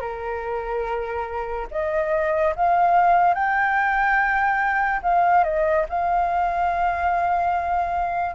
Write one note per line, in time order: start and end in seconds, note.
0.00 1.67 A#4
1.70 2.54 D#5
2.55 3.34 F5
3.34 5.00 G5
5.02 5.43 F5
5.43 5.85 D#5
5.88 8.35 F5